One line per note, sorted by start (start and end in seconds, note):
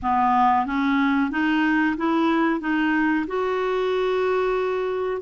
0.02 0.66 B3
0.66 1.30 C#4
1.30 1.96 D#4
1.97 2.60 E4
2.60 3.25 D#4
3.27 5.21 F#4